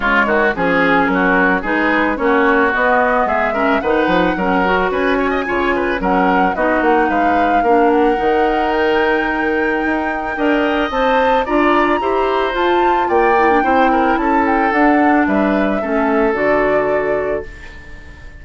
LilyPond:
<<
  \new Staff \with { instrumentName = "flute" } { \time 4/4 \tempo 4 = 110 cis''4 gis'4 ais'4 b'4 | cis''4 dis''4 e''4 fis''4~ | fis''4 gis''2 fis''4 | dis''8 fis''8 f''4. fis''4. |
g''1 | a''4 ais''2 a''4 | g''2 a''8 g''8 fis''4 | e''2 d''2 | }
  \new Staff \with { instrumentName = "oboe" } { \time 4/4 f'8 fis'8 gis'4 fis'4 gis'4 | fis'2 gis'8 ais'8 b'4 | ais'4 b'8 cis''16 dis''16 cis''8 b'8 ais'4 | fis'4 b'4 ais'2~ |
ais'2. dis''4~ | dis''4 d''4 c''2 | d''4 c''8 ais'8 a'2 | b'4 a'2. | }
  \new Staff \with { instrumentName = "clarinet" } { \time 4/4 gis4 cis'2 dis'4 | cis'4 b4. cis'8 dis'4 | cis'8 fis'4. f'4 cis'4 | dis'2 d'4 dis'4~ |
dis'2. ais'4 | c''4 f'4 g'4 f'4~ | f'8 e'16 d'16 e'2 d'4~ | d'4 cis'4 fis'2 | }
  \new Staff \with { instrumentName = "bassoon" } { \time 4/4 cis8 dis8 f4 fis4 gis4 | ais4 b4 gis4 dis8 f8 | fis4 cis'4 cis4 fis4 | b8 ais8 gis4 ais4 dis4~ |
dis2 dis'4 d'4 | c'4 d'4 e'4 f'4 | ais4 c'4 cis'4 d'4 | g4 a4 d2 | }
>>